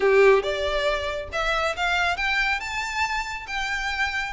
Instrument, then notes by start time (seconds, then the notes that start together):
violin
0.00 G4
0.42 D5
1.32 E5
1.76 F5
2.16 G5
2.60 A5
3.47 G5